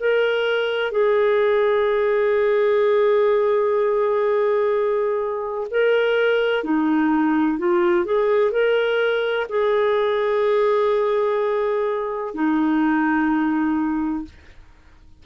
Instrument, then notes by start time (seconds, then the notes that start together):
clarinet
0.00 A#4
0.91 G#4
5.71 A#4
6.64 D#4
7.58 F4
8.05 G#4
8.51 A#4
9.49 G#4
12.34 D#4